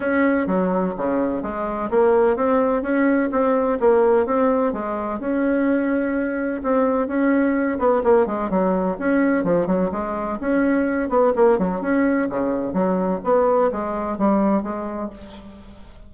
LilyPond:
\new Staff \with { instrumentName = "bassoon" } { \time 4/4 \tempo 4 = 127 cis'4 fis4 cis4 gis4 | ais4 c'4 cis'4 c'4 | ais4 c'4 gis4 cis'4~ | cis'2 c'4 cis'4~ |
cis'8 b8 ais8 gis8 fis4 cis'4 | f8 fis8 gis4 cis'4. b8 | ais8 fis8 cis'4 cis4 fis4 | b4 gis4 g4 gis4 | }